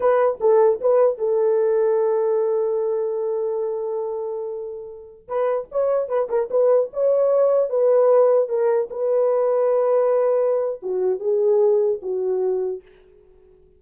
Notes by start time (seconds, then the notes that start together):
0.00 B4
0.40 A4
0.80 B4
1.17 A4
5.27 B4
5.71 C#5
6.08 B4
6.29 A#4
6.50 B4
6.93 C#5
7.69 B4
8.48 A#4
8.90 B4
10.82 F#4
11.19 G#4
12.01 F#4